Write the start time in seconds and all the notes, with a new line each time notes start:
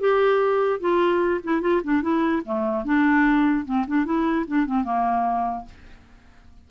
0.00 G4
0.80 F4
1.44 E4
1.61 F4
1.84 D4
2.02 E4
2.46 A3
2.85 D4
3.66 C4
3.87 D4
4.05 E4
4.47 D4
4.66 C4
4.84 A#3